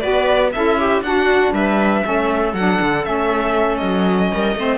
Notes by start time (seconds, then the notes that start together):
0.00 B3 F#4 B4 D5
0.52 C#4 E4 A4 E5
0.79 G4
1.02 D4 F#4 F#5
1.52 G3 B4 E5
2.03 A3 C#4 A4
2.53 F#3 D4 F#5
2.81 D3
3.04 A3 C#4 E5
3.77 F#3 D#5
4.33 G3 A#4
4.55 A3 C4 C5